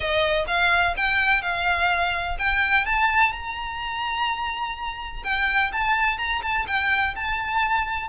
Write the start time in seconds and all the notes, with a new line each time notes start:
0.00 D#5
0.47 F5
0.96 G5
1.42 F5
2.39 G5
2.85 A5
3.32 A#5
5.24 G5
5.72 A5
6.18 A#5
6.42 A5
6.67 G5
7.15 A5